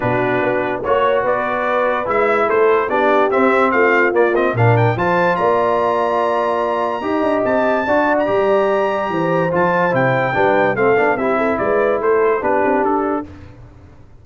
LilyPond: <<
  \new Staff \with { instrumentName = "trumpet" } { \time 4/4 \tempo 4 = 145 b'2 cis''4 d''4~ | d''4 e''4 c''4 d''4 | e''4 f''4 d''8 dis''8 f''8 g''8 | a''4 ais''2.~ |
ais''2 a''4.~ a''16 ais''16~ | ais''2. a''4 | g''2 f''4 e''4 | d''4 c''4 b'4 a'4 | }
  \new Staff \with { instrumentName = "horn" } { \time 4/4 fis'2 cis''4 b'4~ | b'2 a'4 g'4~ | g'4 f'2 ais'4 | c''4 d''2.~ |
d''4 dis''2 d''4~ | d''2 c''2~ | c''4 b'4 a'4 g'8 a'8 | b'4 a'4 g'2 | }
  \new Staff \with { instrumentName = "trombone" } { \time 4/4 d'2 fis'2~ | fis'4 e'2 d'4 | c'2 ais8 c'8 d'4 | f'1~ |
f'4 g'2 fis'4 | g'2. f'4 | e'4 d'4 c'8 d'8 e'4~ | e'2 d'2 | }
  \new Staff \with { instrumentName = "tuba" } { \time 4/4 b,4 b4 ais4 b4~ | b4 gis4 a4 b4 | c'4 a4 ais4 ais,4 | f4 ais2.~ |
ais4 dis'8 d'8 c'4 d'4 | g2 e4 f4 | c4 g4 a8 b8 c'4 | gis4 a4 b8 c'8 d'4 | }
>>